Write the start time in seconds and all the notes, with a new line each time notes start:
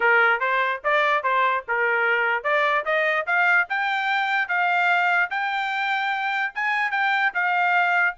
0.00 A#4
0.40 C5
0.83 D5
1.23 C5
1.68 A#4
2.43 D5
2.85 D#5
3.26 F5
3.69 G5
4.48 F5
5.30 G5
6.54 G#5
6.91 G5
7.33 F5